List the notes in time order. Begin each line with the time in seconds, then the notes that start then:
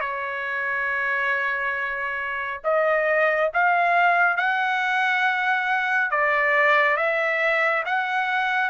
0.00 C#5
2.64 D#5
3.53 F5
4.36 F#5
6.11 D5
6.96 E5
7.85 F#5